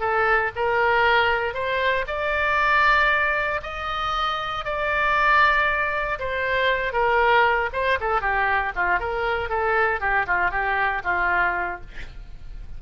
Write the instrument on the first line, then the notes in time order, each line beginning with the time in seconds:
oboe
0.00 A4
0.56 A#4
1.54 C5
2.07 D5
3.63 D#5
4.65 D5
6.20 C5
6.93 A#4
7.73 C5
8.01 A4
8.21 G4
8.76 F4
9.00 A#4
9.49 A4
10.01 G4
10.27 F4
10.51 G4
11.04 F4